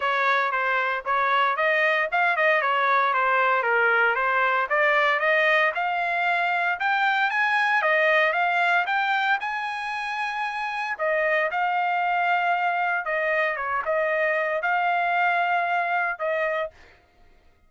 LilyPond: \new Staff \with { instrumentName = "trumpet" } { \time 4/4 \tempo 4 = 115 cis''4 c''4 cis''4 dis''4 | f''8 dis''8 cis''4 c''4 ais'4 | c''4 d''4 dis''4 f''4~ | f''4 g''4 gis''4 dis''4 |
f''4 g''4 gis''2~ | gis''4 dis''4 f''2~ | f''4 dis''4 cis''8 dis''4. | f''2. dis''4 | }